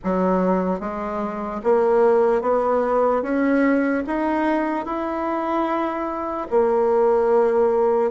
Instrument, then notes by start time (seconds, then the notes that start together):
bassoon
0.04 F#3
0.80 G#3
1.63 A#3
2.41 B3
3.22 C#4
4.06 D#4
4.85 E4
6.50 A#3